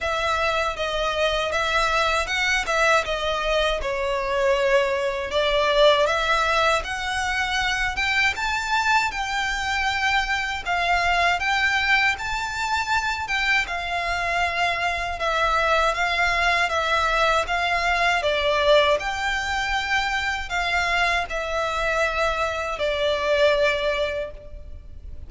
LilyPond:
\new Staff \with { instrumentName = "violin" } { \time 4/4 \tempo 4 = 79 e''4 dis''4 e''4 fis''8 e''8 | dis''4 cis''2 d''4 | e''4 fis''4. g''8 a''4 | g''2 f''4 g''4 |
a''4. g''8 f''2 | e''4 f''4 e''4 f''4 | d''4 g''2 f''4 | e''2 d''2 | }